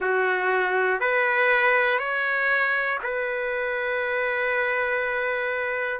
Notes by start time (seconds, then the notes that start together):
0.00 F#4
1.00 B4
1.98 C#5
3.03 B4